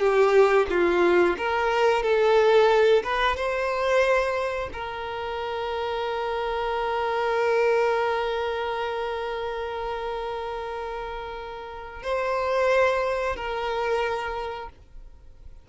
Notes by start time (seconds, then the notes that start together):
0.00 G4
0.70 F4
1.38 A#4
2.03 A4
3.04 B4
3.37 C5
4.73 A#4
12.03 C5
13.36 A#4